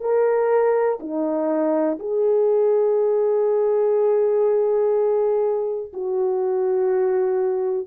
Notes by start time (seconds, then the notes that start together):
0.00 A#4
1.00 D#4
1.99 G#4
5.93 F#4